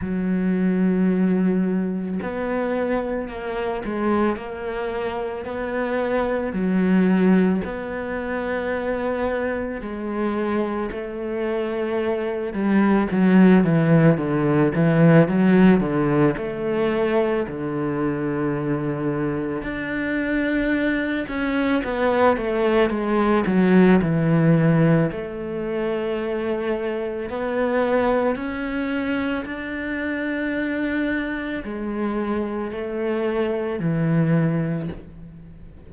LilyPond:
\new Staff \with { instrumentName = "cello" } { \time 4/4 \tempo 4 = 55 fis2 b4 ais8 gis8 | ais4 b4 fis4 b4~ | b4 gis4 a4. g8 | fis8 e8 d8 e8 fis8 d8 a4 |
d2 d'4. cis'8 | b8 a8 gis8 fis8 e4 a4~ | a4 b4 cis'4 d'4~ | d'4 gis4 a4 e4 | }